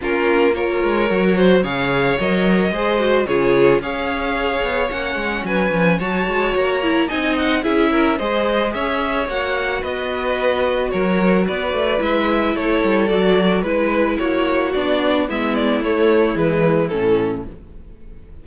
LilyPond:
<<
  \new Staff \with { instrumentName = "violin" } { \time 4/4 \tempo 4 = 110 ais'4 cis''2 f''4 | dis''2 cis''4 f''4~ | f''4 fis''4 gis''4 a''4 | ais''4 gis''8 fis''8 e''4 dis''4 |
e''4 fis''4 dis''2 | cis''4 d''4 e''4 cis''4 | d''4 b'4 cis''4 d''4 | e''8 d''8 cis''4 b'4 a'4 | }
  \new Staff \with { instrumentName = "violin" } { \time 4/4 f'4 ais'4. c''8 cis''4~ | cis''4 c''4 gis'4 cis''4~ | cis''2 b'4 cis''4~ | cis''4 dis''4 gis'8 ais'8 c''4 |
cis''2 b'2 | ais'4 b'2 a'4~ | a'4 b'4 fis'2 | e'1 | }
  \new Staff \with { instrumentName = "viola" } { \time 4/4 cis'4 f'4 fis'4 gis'4 | ais'4 gis'8 fis'8 f'4 gis'4~ | gis'4 cis'2 fis'4~ | fis'8 e'8 dis'4 e'4 gis'4~ |
gis'4 fis'2.~ | fis'2 e'2 | fis'4 e'2 d'4 | b4 a4 gis4 cis'4 | }
  \new Staff \with { instrumentName = "cello" } { \time 4/4 ais4. gis8 fis4 cis4 | fis4 gis4 cis4 cis'4~ | cis'8 b8 ais8 gis8 fis8 f8 fis8 gis8 | ais4 c'4 cis'4 gis4 |
cis'4 ais4 b2 | fis4 b8 a8 gis4 a8 g8 | fis4 gis4 ais4 b4 | gis4 a4 e4 a,4 | }
>>